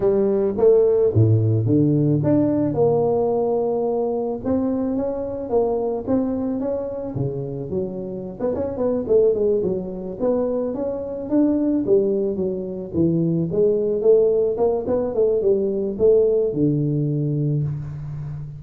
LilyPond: \new Staff \with { instrumentName = "tuba" } { \time 4/4 \tempo 4 = 109 g4 a4 a,4 d4 | d'4 ais2. | c'4 cis'4 ais4 c'4 | cis'4 cis4 fis4~ fis16 b16 cis'8 |
b8 a8 gis8 fis4 b4 cis'8~ | cis'8 d'4 g4 fis4 e8~ | e8 gis4 a4 ais8 b8 a8 | g4 a4 d2 | }